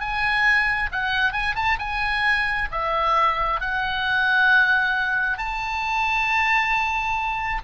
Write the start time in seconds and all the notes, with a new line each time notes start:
0.00 G#5
0.92 F#5
1.32 G#5
1.55 A5
1.79 G#5
2.71 E5
3.61 F#5
5.38 A5